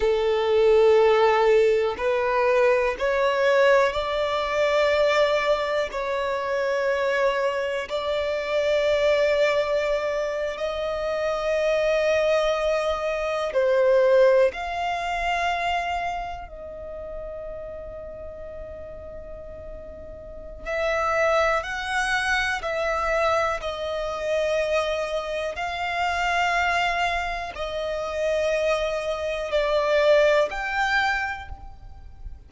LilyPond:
\new Staff \with { instrumentName = "violin" } { \time 4/4 \tempo 4 = 61 a'2 b'4 cis''4 | d''2 cis''2 | d''2~ d''8. dis''4~ dis''16~ | dis''4.~ dis''16 c''4 f''4~ f''16~ |
f''8. dis''2.~ dis''16~ | dis''4 e''4 fis''4 e''4 | dis''2 f''2 | dis''2 d''4 g''4 | }